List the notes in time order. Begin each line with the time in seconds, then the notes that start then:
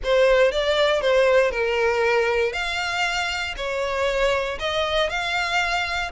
0.03 C5
0.51 D5
1.01 C5
1.51 A#4
2.53 F5
3.56 C#5
4.59 D#5
5.09 F5